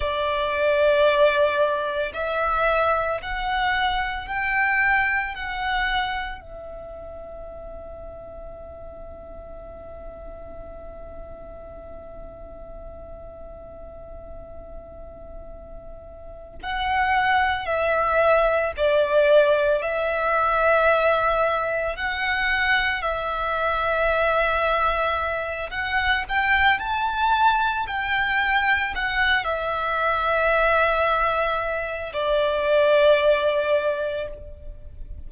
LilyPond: \new Staff \with { instrumentName = "violin" } { \time 4/4 \tempo 4 = 56 d''2 e''4 fis''4 | g''4 fis''4 e''2~ | e''1~ | e''2.~ e''8 fis''8~ |
fis''8 e''4 d''4 e''4.~ | e''8 fis''4 e''2~ e''8 | fis''8 g''8 a''4 g''4 fis''8 e''8~ | e''2 d''2 | }